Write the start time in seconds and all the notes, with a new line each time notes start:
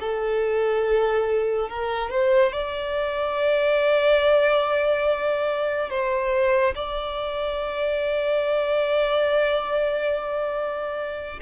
0.00 A4
1.69 A#4
2.10 C5
2.52 D5
5.90 C5
6.75 D5